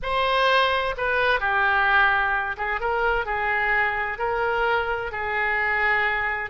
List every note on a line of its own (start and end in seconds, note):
0.02 0.95 C5
0.97 1.40 B4
1.40 2.56 G4
2.57 2.80 G#4
2.80 3.25 A#4
3.25 4.18 G#4
4.18 5.11 A#4
5.11 6.50 G#4